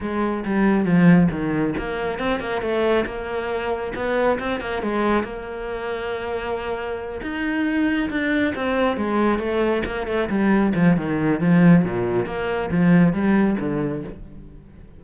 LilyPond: \new Staff \with { instrumentName = "cello" } { \time 4/4 \tempo 4 = 137 gis4 g4 f4 dis4 | ais4 c'8 ais8 a4 ais4~ | ais4 b4 c'8 ais8 gis4 | ais1~ |
ais8 dis'2 d'4 c'8~ | c'8 gis4 a4 ais8 a8 g8~ | g8 f8 dis4 f4 ais,4 | ais4 f4 g4 d4 | }